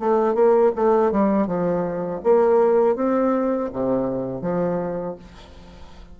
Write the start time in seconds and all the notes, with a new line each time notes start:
0.00 A3
0.35 A#3
0.76 A3
1.12 G3
1.47 F3
2.24 A#3
2.96 C4
3.73 C3
4.42 F3